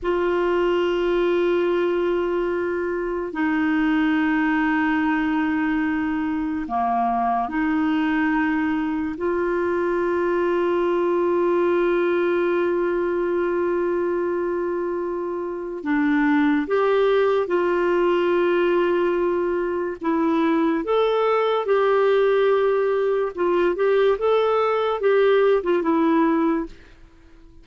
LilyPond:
\new Staff \with { instrumentName = "clarinet" } { \time 4/4 \tempo 4 = 72 f'1 | dis'1 | ais4 dis'2 f'4~ | f'1~ |
f'2. d'4 | g'4 f'2. | e'4 a'4 g'2 | f'8 g'8 a'4 g'8. f'16 e'4 | }